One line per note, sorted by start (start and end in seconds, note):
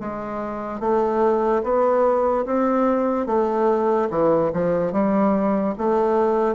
0.00 0.80 G#3
0.80 1.62 A3
1.63 2.45 B3
2.45 3.27 C4
3.27 4.09 A3
4.10 4.51 E3
4.53 4.92 F3
4.92 5.74 G3
5.78 6.55 A3